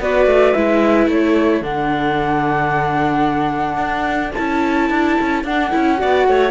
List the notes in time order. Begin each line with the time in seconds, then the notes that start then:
0.00 B3 F#4 B4 D5
0.26 A3
0.53 G#3 E4 E5
1.07 A3 A4 C#5
1.61 D3 D4 F#5
3.77 D4
4.33 C#4 E4 A5
4.90 D4
5.21 C#4
5.44 D4 F#5
5.71 C#4 E4
5.97 F#4 D5
6.04 B3
6.28 A3 C#5